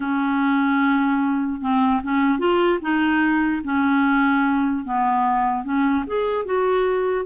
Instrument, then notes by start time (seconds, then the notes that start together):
clarinet
0.00 C#4
1.61 C4
2.03 C#4
2.38 F4
2.81 D#4
3.64 C#4
4.84 B3
5.64 C#4
6.06 G#4
6.45 F#4